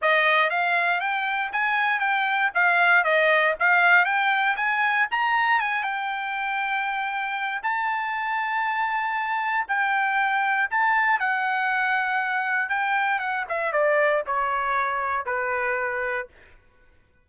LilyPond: \new Staff \with { instrumentName = "trumpet" } { \time 4/4 \tempo 4 = 118 dis''4 f''4 g''4 gis''4 | g''4 f''4 dis''4 f''4 | g''4 gis''4 ais''4 gis''8 g''8~ | g''2. a''4~ |
a''2. g''4~ | g''4 a''4 fis''2~ | fis''4 g''4 fis''8 e''8 d''4 | cis''2 b'2 | }